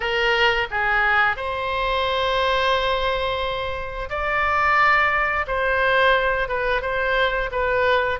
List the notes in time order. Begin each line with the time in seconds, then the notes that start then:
0.00 A#4
0.70 G#4
1.36 C5
4.09 D5
5.47 C5
6.48 B4
6.82 C5
7.51 B4